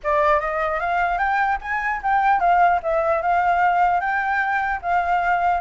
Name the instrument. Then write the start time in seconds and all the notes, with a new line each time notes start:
flute
0.03 D5
0.40 D#5
0.80 F5
1.18 G5
1.61 G#5
2.02 G5
2.40 F5
2.82 E5
3.21 F5
4.00 G5
4.82 F5